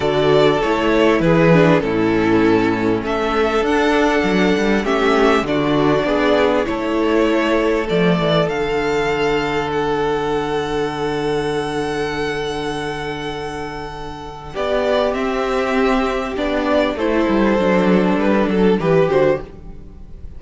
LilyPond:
<<
  \new Staff \with { instrumentName = "violin" } { \time 4/4 \tempo 4 = 99 d''4 cis''4 b'4 a'4~ | a'4 e''4 fis''2 | e''4 d''2 cis''4~ | cis''4 d''4 f''2 |
fis''1~ | fis''1 | d''4 e''2 d''4 | c''2 b'8 a'8 b'8 c''8 | }
  \new Staff \with { instrumentName = "violin" } { \time 4/4 a'2 gis'4 e'4~ | e'4 a'2. | g'4 fis'4 gis'4 a'4~ | a'1~ |
a'1~ | a'1 | g'1 | a'2. g'4 | }
  \new Staff \with { instrumentName = "viola" } { \time 4/4 fis'4 e'4. d'8 cis'4~ | cis'2 d'2 | cis'4 d'2 e'4~ | e'4 a4 d'2~ |
d'1~ | d'1~ | d'4 c'2 d'4 | e'4 d'2 g'8 fis'8 | }
  \new Staff \with { instrumentName = "cello" } { \time 4/4 d4 a4 e4 a,4~ | a,4 a4 d'4 fis8 g8 | a4 d4 b4 a4~ | a4 f8 e8 d2~ |
d1~ | d1 | b4 c'2 b4 | a8 g8 fis4 g8 fis8 e8 d8 | }
>>